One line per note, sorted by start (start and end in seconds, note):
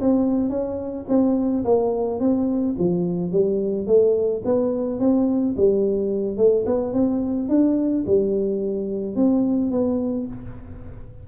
0.00 0.49 C4
0.49 1.05 C#4
1.08 1.63 C4
1.64 2.19 A#3
2.19 2.75 C4
2.78 3.31 F3
3.31 3.87 G3
3.87 4.42 A3
4.44 4.99 B3
4.99 5.55 C4
5.56 6.37 G3
6.37 6.65 A3
6.66 6.93 B3
6.93 7.48 C4
7.48 8.04 D4
8.06 9.15 G3
9.15 9.71 C4
9.71 10.27 B3